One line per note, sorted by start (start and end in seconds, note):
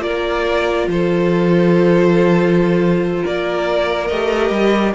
0.00 0.87 A#3
0.00 4.07 F4
0.00 0.88 A#4
0.00 0.88 D5
0.87 3.23 F3
0.87 3.22 A4
0.87 3.26 C5
3.22 4.10 A#3
3.22 4.94 A#4
3.22 4.07 D5
4.07 4.50 A3
4.07 4.94 G4
4.07 4.92 D#5
4.50 4.93 G3